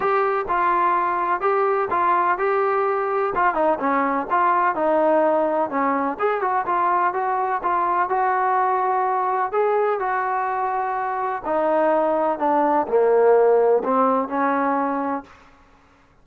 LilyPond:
\new Staff \with { instrumentName = "trombone" } { \time 4/4 \tempo 4 = 126 g'4 f'2 g'4 | f'4 g'2 f'8 dis'8 | cis'4 f'4 dis'2 | cis'4 gis'8 fis'8 f'4 fis'4 |
f'4 fis'2. | gis'4 fis'2. | dis'2 d'4 ais4~ | ais4 c'4 cis'2 | }